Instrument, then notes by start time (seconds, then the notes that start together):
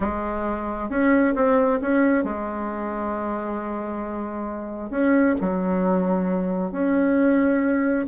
bassoon
0.00 G#3
0.89 C#4
1.35 C4
1.81 C#4
2.23 G#3
4.90 C#4
5.41 F#3
6.71 C#4